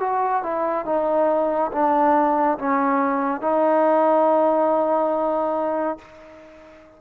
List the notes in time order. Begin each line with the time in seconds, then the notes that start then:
0.00 F#4
0.43 E4
0.86 D#4
1.73 D4
2.59 C#4
3.42 D#4